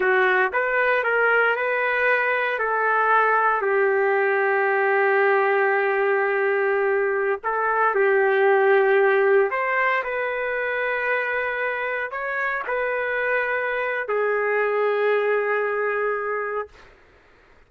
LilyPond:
\new Staff \with { instrumentName = "trumpet" } { \time 4/4 \tempo 4 = 115 fis'4 b'4 ais'4 b'4~ | b'4 a'2 g'4~ | g'1~ | g'2~ g'16 a'4 g'8.~ |
g'2~ g'16 c''4 b'8.~ | b'2.~ b'16 cis''8.~ | cis''16 b'2~ b'8. gis'4~ | gis'1 | }